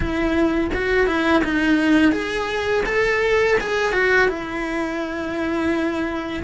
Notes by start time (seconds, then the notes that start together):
0.00 E4
0.73 F#4
1.06 E4
1.44 D#4
2.12 G#4
2.86 A4
3.60 G#4
3.92 F#4
4.28 E4